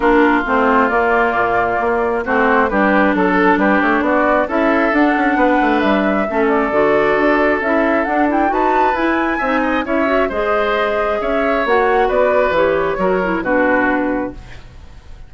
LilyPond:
<<
  \new Staff \with { instrumentName = "flute" } { \time 4/4 \tempo 4 = 134 ais'4 c''4 d''2~ | d''4 c''4 b'4 a'4 | b'8 cis''8 d''4 e''4 fis''4~ | fis''4 e''4. d''4.~ |
d''4 e''4 fis''8 g''8 a''4 | gis''2 e''4 dis''4~ | dis''4 e''4 fis''4 d''4 | cis''2 b'2 | }
  \new Staff \with { instrumentName = "oboe" } { \time 4/4 f'1~ | f'4 fis'4 g'4 a'4 | g'4 fis'4 a'2 | b'2 a'2~ |
a'2. b'4~ | b'4 e''8 dis''8 cis''4 c''4~ | c''4 cis''2 b'4~ | b'4 ais'4 fis'2 | }
  \new Staff \with { instrumentName = "clarinet" } { \time 4/4 d'4 c'4 ais2~ | ais4 c'4 d'2~ | d'2 e'4 d'4~ | d'2 cis'4 fis'4~ |
fis'4 e'4 d'8 e'8 fis'4 | e'4 dis'4 e'8 fis'8 gis'4~ | gis'2 fis'2 | g'4 fis'8 e'8 d'2 | }
  \new Staff \with { instrumentName = "bassoon" } { \time 4/4 ais4 a4 ais4 ais,4 | ais4 a4 g4 fis4 | g8 a8 b4 cis'4 d'8 cis'8 | b8 a8 g4 a4 d4 |
d'4 cis'4 d'4 dis'4 | e'4 c'4 cis'4 gis4~ | gis4 cis'4 ais4 b4 | e4 fis4 b,2 | }
>>